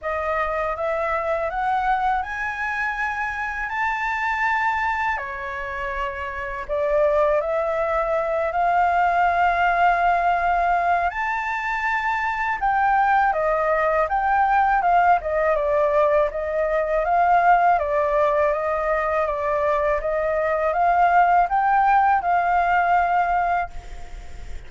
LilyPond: \new Staff \with { instrumentName = "flute" } { \time 4/4 \tempo 4 = 81 dis''4 e''4 fis''4 gis''4~ | gis''4 a''2 cis''4~ | cis''4 d''4 e''4. f''8~ | f''2. a''4~ |
a''4 g''4 dis''4 g''4 | f''8 dis''8 d''4 dis''4 f''4 | d''4 dis''4 d''4 dis''4 | f''4 g''4 f''2 | }